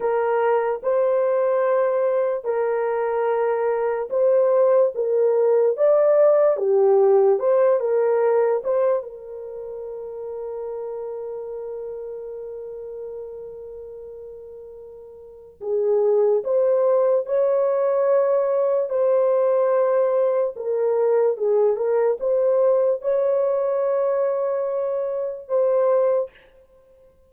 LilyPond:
\new Staff \with { instrumentName = "horn" } { \time 4/4 \tempo 4 = 73 ais'4 c''2 ais'4~ | ais'4 c''4 ais'4 d''4 | g'4 c''8 ais'4 c''8 ais'4~ | ais'1~ |
ais'2. gis'4 | c''4 cis''2 c''4~ | c''4 ais'4 gis'8 ais'8 c''4 | cis''2. c''4 | }